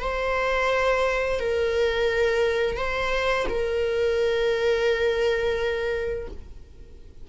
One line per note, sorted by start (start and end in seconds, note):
0.00 1.40 C5
1.40 2.77 A#4
2.77 3.47 C5
3.49 6.28 A#4